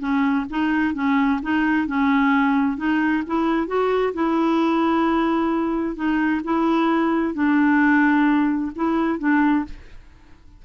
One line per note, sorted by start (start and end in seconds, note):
0.00 0.46 C#4
0.50 0.95 D#4
0.95 1.41 C#4
1.43 1.87 D#4
1.87 2.78 C#4
2.78 3.23 D#4
3.27 3.68 E4
3.68 4.13 F#4
4.14 5.96 E4
5.96 6.41 D#4
6.44 7.34 E4
7.34 8.72 D4
8.76 9.19 E4
9.19 9.65 D4